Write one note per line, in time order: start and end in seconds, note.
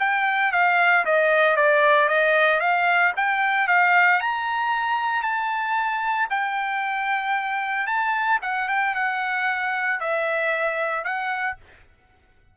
0.00 0.52 G5
0.52 1.05 F5
1.06 1.57 D#5
1.57 2.09 D5
2.09 2.61 D#5
2.61 3.13 F5
3.17 3.68 G5
3.68 4.21 F5
4.21 5.23 A#5
5.23 6.28 A5
6.31 7.87 G5
7.87 8.40 A5
8.43 8.69 F#5
8.69 8.95 G5
8.95 10.00 F#5
10.00 11.05 E5
11.05 11.57 F#5